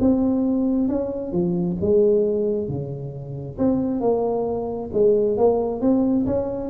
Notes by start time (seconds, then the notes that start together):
0.00 C4
0.88 C#4
1.33 F3
1.81 G#3
2.68 C#3
3.58 C4
4.01 A#3
4.93 G#3
5.38 A#3
5.81 C4
6.26 C#4